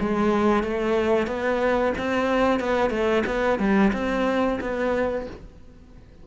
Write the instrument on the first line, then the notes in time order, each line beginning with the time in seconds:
cello
0.00 G#3
0.64 A3
1.27 B3
1.98 C4
2.60 B3
2.91 A3
3.26 B3
3.59 G3
3.94 C4
4.61 B3